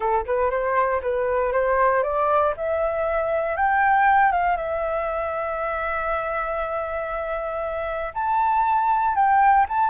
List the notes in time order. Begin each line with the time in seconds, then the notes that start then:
0.00 A4
0.25 B4
0.50 C5
1.02 B4
1.52 C5
2.03 D5
2.57 E5
3.56 G5
4.32 F5
4.56 E5
8.14 A5
9.15 G5
9.68 A5